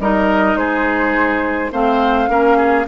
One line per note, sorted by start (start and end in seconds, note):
0.00 0.56 G3
0.00 1.72 D#4
0.00 0.59 A#4
0.00 0.57 D#5
0.56 1.72 G#3
0.56 1.72 G#4
0.56 1.72 C5
1.72 2.29 A3
1.72 2.28 C4
1.72 2.30 C5
1.72 2.88 F5
2.28 2.86 A#3
2.28 2.86 C#4
2.28 2.57 A#4
2.57 2.86 G#4